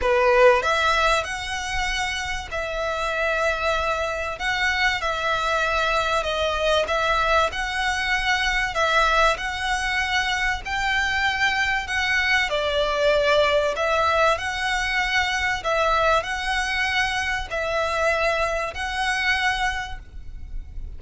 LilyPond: \new Staff \with { instrumentName = "violin" } { \time 4/4 \tempo 4 = 96 b'4 e''4 fis''2 | e''2. fis''4 | e''2 dis''4 e''4 | fis''2 e''4 fis''4~ |
fis''4 g''2 fis''4 | d''2 e''4 fis''4~ | fis''4 e''4 fis''2 | e''2 fis''2 | }